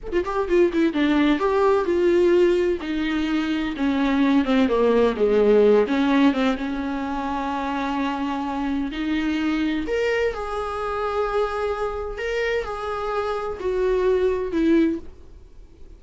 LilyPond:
\new Staff \with { instrumentName = "viola" } { \time 4/4 \tempo 4 = 128 a'16 f'16 g'8 f'8 e'8 d'4 g'4 | f'2 dis'2 | cis'4. c'8 ais4 gis4~ | gis8 cis'4 c'8 cis'2~ |
cis'2. dis'4~ | dis'4 ais'4 gis'2~ | gis'2 ais'4 gis'4~ | gis'4 fis'2 e'4 | }